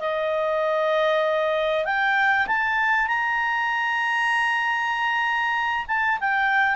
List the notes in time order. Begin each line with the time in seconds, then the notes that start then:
0.00 D#5
1.85 G5
2.47 A5
3.08 A#5
5.88 A5
6.21 G5